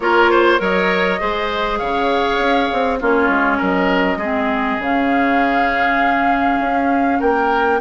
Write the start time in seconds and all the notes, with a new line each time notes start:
0.00 A#3 F4 A#4 C#5
0.30 C5
0.58 F#3 A#4 C#5 D#5
1.19 G#3 G#4 C5
1.78 C#3 C#5 F5
2.38 C#4
2.72 C4
2.99 A#3 C#4 F4 C#5
3.28 G#3
3.57 F#3 A#4 D#5
4.17 G#3 C4 G#4
4.79 C#3 C#4 F5
6.60 C#4
7.19 A#3 A#4 G5